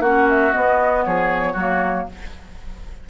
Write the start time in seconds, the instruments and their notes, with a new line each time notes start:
0.00 bassoon A#3, clarinet C#4, oboe F#4, flute F#5
0.29 flute E5
0.52 clarinet B3, bassoon B3, flute D#5
1.05 bassoon F3, oboe G#4, flute C#5
1.53 bassoon F#3, clarinet A#3, oboe F#4